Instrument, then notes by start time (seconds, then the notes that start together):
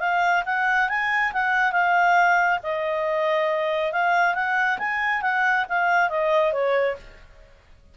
clarinet
0.00 F5
0.46 F#5
0.89 G#5
1.33 F#5
1.72 F5
2.63 D#5
3.92 F5
4.35 F#5
4.79 G#5
5.22 F#5
5.69 F5
6.09 D#5
6.53 C#5